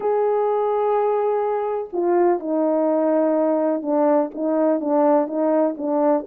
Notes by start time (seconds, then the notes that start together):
0.00 G#4
1.92 F4
2.39 D#4
3.82 D4
4.34 D#4
4.80 D4
5.27 D#4
5.77 D4